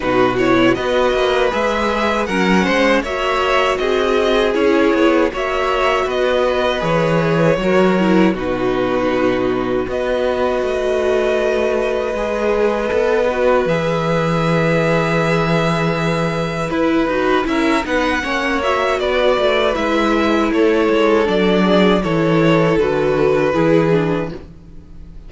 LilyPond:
<<
  \new Staff \with { instrumentName = "violin" } { \time 4/4 \tempo 4 = 79 b'8 cis''8 dis''4 e''4 fis''4 | e''4 dis''4 cis''4 e''4 | dis''4 cis''2 b'4~ | b'4 dis''2.~ |
dis''2 e''2~ | e''2 b'4 e''8 fis''8~ | fis''8 e''8 d''4 e''4 cis''4 | d''4 cis''4 b'2 | }
  \new Staff \with { instrumentName = "violin" } { \time 4/4 fis'4 b'2 ais'8 c''8 | cis''4 gis'2 cis''4 | b'2 ais'4 fis'4~ | fis'4 b'2.~ |
b'1~ | b'2. ais'8 b'8 | cis''4 b'2 a'4~ | a'8 gis'8 a'2 gis'4 | }
  \new Staff \with { instrumentName = "viola" } { \time 4/4 dis'8 e'8 fis'4 gis'4 cis'4 | fis'2 e'4 fis'4~ | fis'4 gis'4 fis'8 e'8 dis'4~ | dis'4 fis'2. |
gis'4 a'8 fis'8 gis'2~ | gis'2 e'8 fis'8 e'8 dis'8 | cis'8 fis'4. e'2 | d'4 e'4 fis'4 e'8 d'8 | }
  \new Staff \with { instrumentName = "cello" } { \time 4/4 b,4 b8 ais8 gis4 fis8 gis8 | ais4 c'4 cis'8 b8 ais4 | b4 e4 fis4 b,4~ | b,4 b4 a2 |
gis4 b4 e2~ | e2 e'8 dis'8 cis'8 b8 | ais4 b8 a8 gis4 a8 gis8 | fis4 e4 d4 e4 | }
>>